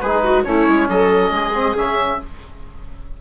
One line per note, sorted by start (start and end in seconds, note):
0.00 0.45 G#3
0.00 0.45 D#4
0.00 0.24 G#4
0.00 0.43 B4
0.24 0.46 F#4
0.44 0.68 A3
0.44 1.53 C#4
0.44 0.89 E4
0.44 0.88 C#5
0.68 0.88 G#3
0.88 1.31 F#3
0.88 1.33 A4
0.88 1.77 D#5
1.31 1.74 G#3
1.31 2.20 G#4
1.54 1.76 C4
1.76 2.20 C#3
1.76 2.19 C#4
1.76 2.21 E5